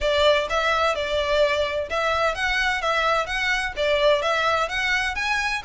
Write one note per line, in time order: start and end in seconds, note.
0.01 0.48 D5
0.49 0.95 E5
0.95 1.89 D5
1.89 2.34 E5
2.34 2.81 F#5
2.81 3.26 E5
3.26 3.73 F#5
3.76 4.22 D5
4.22 4.68 E5
4.68 5.15 F#5
5.15 5.62 G#5